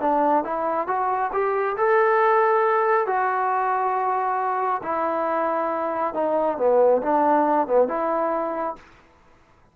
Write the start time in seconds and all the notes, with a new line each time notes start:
0.00 D4
0.44 E4
0.87 F#4
1.32 G4
1.77 A4
3.06 F#4
4.83 E4
6.14 D#4
6.58 B3
7.02 D4
7.67 B3
7.88 E4